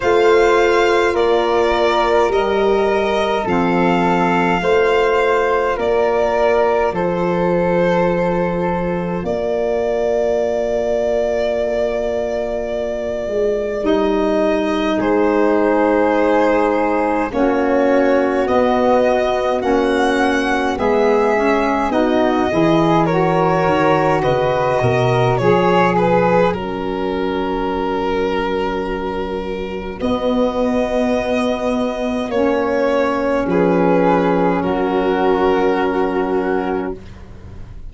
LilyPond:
<<
  \new Staff \with { instrumentName = "violin" } { \time 4/4 \tempo 4 = 52 f''4 d''4 dis''4 f''4~ | f''4 d''4 c''2 | d''1 | dis''4 c''2 cis''4 |
dis''4 fis''4 e''4 dis''4 | cis''4 dis''4 cis''8 b'8 ais'4~ | ais'2 dis''2 | cis''4 b'4 ais'2 | }
  \new Staff \with { instrumentName = "flute" } { \time 4/4 c''4 ais'2 a'4 | c''4 ais'4 a'2 | ais'1~ | ais'4 gis'2 fis'4~ |
fis'2 gis'4 fis'8 gis'8 | ais'4 b'8 ais'8 gis'4 fis'4~ | fis'1~ | fis'4 gis'4 fis'2 | }
  \new Staff \with { instrumentName = "saxophone" } { \time 4/4 f'2 g'4 c'4 | f'1~ | f'1 | dis'2. cis'4 |
b4 cis'4 b8 cis'8 dis'8 e'8 | fis'2 gis'4 cis'4~ | cis'2 b2 | cis'1 | }
  \new Staff \with { instrumentName = "tuba" } { \time 4/4 a4 ais4 g4 f4 | a4 ais4 f2 | ais2.~ ais8 gis8 | g4 gis2 ais4 |
b4 ais4 gis4 b8 e8~ | e8 dis8 cis8 b,8 f4 fis4~ | fis2 b2 | ais4 f4 fis2 | }
>>